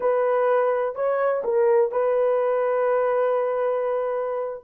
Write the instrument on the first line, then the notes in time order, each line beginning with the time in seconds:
horn
0.00 B4
0.95 C#5
1.44 A#4
1.91 B4